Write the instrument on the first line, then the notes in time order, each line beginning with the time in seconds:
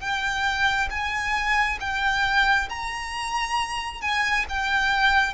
violin
0.00 G5
0.90 G#5
1.80 G5
2.69 A#5
4.01 G#5
4.49 G5